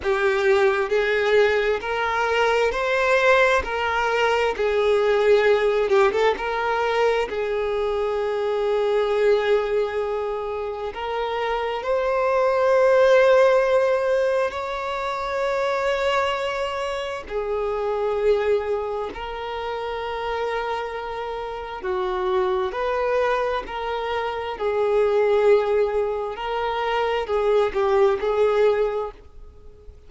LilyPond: \new Staff \with { instrumentName = "violin" } { \time 4/4 \tempo 4 = 66 g'4 gis'4 ais'4 c''4 | ais'4 gis'4. g'16 a'16 ais'4 | gis'1 | ais'4 c''2. |
cis''2. gis'4~ | gis'4 ais'2. | fis'4 b'4 ais'4 gis'4~ | gis'4 ais'4 gis'8 g'8 gis'4 | }